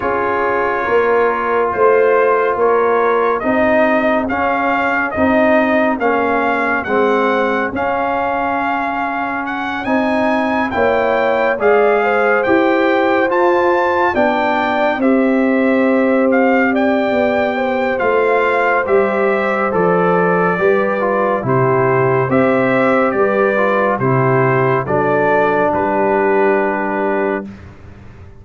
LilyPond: <<
  \new Staff \with { instrumentName = "trumpet" } { \time 4/4 \tempo 4 = 70 cis''2 c''4 cis''4 | dis''4 f''4 dis''4 f''4 | fis''4 f''2 fis''8 gis''8~ | gis''8 g''4 f''4 g''4 a''8~ |
a''8 g''4 e''4. f''8 g''8~ | g''4 f''4 e''4 d''4~ | d''4 c''4 e''4 d''4 | c''4 d''4 b'2 | }
  \new Staff \with { instrumentName = "horn" } { \time 4/4 gis'4 ais'4 c''4 ais'4 | gis'1~ | gis'1~ | gis'8 cis''4 d''8 c''2~ |
c''8 d''4 c''2 d''8~ | d''8 c''2.~ c''8 | b'4 g'4 c''4 b'4 | g'4 a'4 g'2 | }
  \new Staff \with { instrumentName = "trombone" } { \time 4/4 f'1 | dis'4 cis'4 dis'4 cis'4 | c'4 cis'2~ cis'8 dis'8~ | dis'8 e'4 gis'4 g'4 f'8~ |
f'8 d'4 g'2~ g'8~ | g'4 f'4 g'4 a'4 | g'8 f'8 e'4 g'4. f'8 | e'4 d'2. | }
  \new Staff \with { instrumentName = "tuba" } { \time 4/4 cis'4 ais4 a4 ais4 | c'4 cis'4 c'4 ais4 | gis4 cis'2~ cis'8 c'8~ | c'8 ais4 gis4 e'4 f'8~ |
f'8 b4 c'2~ c'8 | b4 a4 g4 f4 | g4 c4 c'4 g4 | c4 fis4 g2 | }
>>